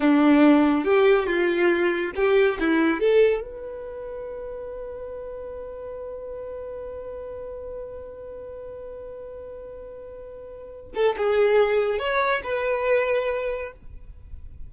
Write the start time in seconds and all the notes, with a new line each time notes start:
0.00 D4
0.84 G4
1.26 F4
2.15 G4
2.59 E4
3.00 A4
3.41 B4
10.94 A4
11.17 G#4
11.98 C#5
12.43 B4